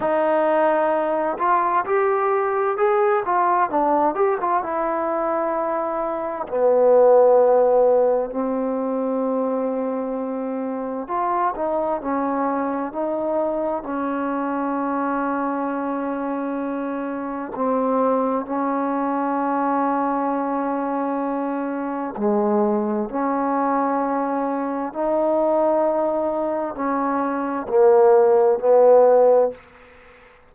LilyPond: \new Staff \with { instrumentName = "trombone" } { \time 4/4 \tempo 4 = 65 dis'4. f'8 g'4 gis'8 f'8 | d'8 g'16 f'16 e'2 b4~ | b4 c'2. | f'8 dis'8 cis'4 dis'4 cis'4~ |
cis'2. c'4 | cis'1 | gis4 cis'2 dis'4~ | dis'4 cis'4 ais4 b4 | }